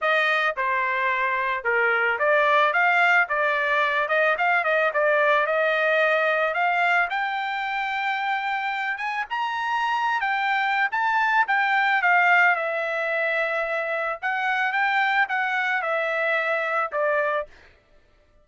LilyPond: \new Staff \with { instrumentName = "trumpet" } { \time 4/4 \tempo 4 = 110 dis''4 c''2 ais'4 | d''4 f''4 d''4. dis''8 | f''8 dis''8 d''4 dis''2 | f''4 g''2.~ |
g''8 gis''8 ais''4.~ ais''16 g''4~ g''16 | a''4 g''4 f''4 e''4~ | e''2 fis''4 g''4 | fis''4 e''2 d''4 | }